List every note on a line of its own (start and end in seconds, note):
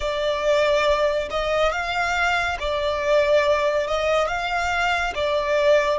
0.00 1.28 D5
1.30 1.71 D#5
1.71 2.57 F5
2.59 3.87 D5
3.87 4.27 D#5
4.27 5.13 F5
5.14 5.98 D5